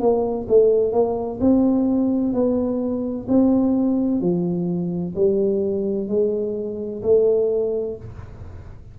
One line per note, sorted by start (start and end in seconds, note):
0.00 0.47 A#3
0.49 0.92 A3
0.92 1.39 A#3
1.41 2.33 C4
2.33 3.27 B3
3.29 4.21 C4
4.21 5.14 F3
5.15 6.08 G3
6.08 7.02 G#3
7.03 7.96 A3